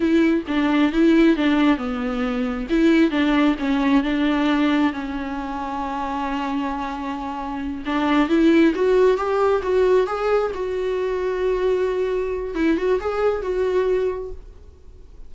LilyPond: \new Staff \with { instrumentName = "viola" } { \time 4/4 \tempo 4 = 134 e'4 d'4 e'4 d'4 | b2 e'4 d'4 | cis'4 d'2 cis'4~ | cis'1~ |
cis'4. d'4 e'4 fis'8~ | fis'8 g'4 fis'4 gis'4 fis'8~ | fis'1 | e'8 fis'8 gis'4 fis'2 | }